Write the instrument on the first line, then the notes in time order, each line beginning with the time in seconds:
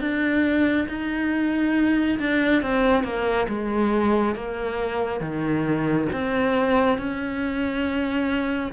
cello
0.00 D4
0.88 D#4
2.19 D4
2.62 C4
3.03 A#3
3.48 G#3
4.35 A#3
5.20 D#3
6.12 C4
6.98 C#4